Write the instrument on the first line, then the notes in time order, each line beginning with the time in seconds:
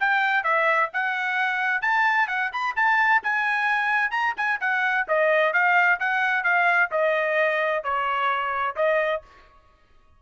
trumpet
0.00 G5
0.44 E5
0.93 F#5
1.82 A5
2.28 F#5
2.53 B5
2.76 A5
3.23 G#5
4.11 A#5
4.37 G#5
4.60 F#5
5.08 D#5
5.53 F5
6.00 F#5
6.44 F5
6.91 D#5
7.84 C#5
8.76 D#5